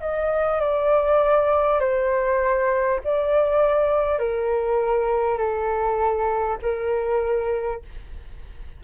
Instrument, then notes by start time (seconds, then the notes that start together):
flute
0.00 D#5
0.60 D5
1.79 C5
3.03 D5
4.18 A#4
5.37 A4
6.62 A#4